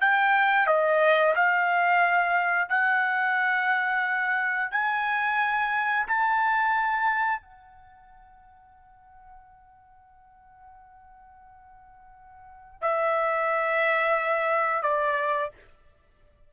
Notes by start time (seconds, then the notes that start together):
0.00 G5
0.66 D#5
1.35 F5
2.69 F#5
4.71 G#5
6.06 A5
7.42 F#5
12.81 E5
14.82 D5